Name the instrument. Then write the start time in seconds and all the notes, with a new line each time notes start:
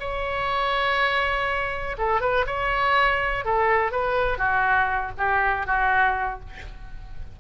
oboe
0.00 C#5
1.98 A4
2.21 B4
2.47 C#5
3.45 A4
3.91 B4
4.38 F#4
5.18 G4
5.66 F#4